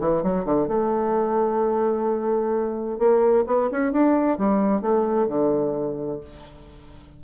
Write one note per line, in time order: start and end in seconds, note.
0.00 0.23 E3
0.23 0.46 F#3
0.46 0.68 D3
0.68 2.99 A3
2.99 3.45 A#3
3.47 3.70 B3
3.72 3.93 C#4
3.93 4.38 D4
4.38 4.82 G3
4.82 5.28 A3
5.28 6.21 D3